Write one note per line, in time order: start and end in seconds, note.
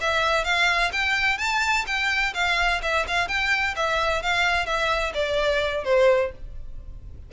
0.00 0.44 E5
0.44 0.91 F5
0.92 1.38 G5
1.38 1.85 A5
1.86 2.33 G5
2.34 2.81 F5
2.82 3.06 E5
3.07 3.28 F5
3.28 3.75 G5
3.75 4.22 E5
4.22 4.66 F5
4.66 5.12 E5
5.14 5.84 D5
5.84 6.31 C5